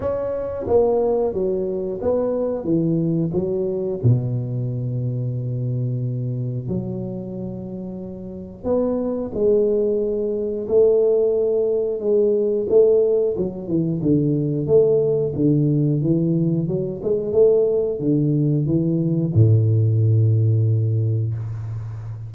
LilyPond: \new Staff \with { instrumentName = "tuba" } { \time 4/4 \tempo 4 = 90 cis'4 ais4 fis4 b4 | e4 fis4 b,2~ | b,2 fis2~ | fis4 b4 gis2 |
a2 gis4 a4 | fis8 e8 d4 a4 d4 | e4 fis8 gis8 a4 d4 | e4 a,2. | }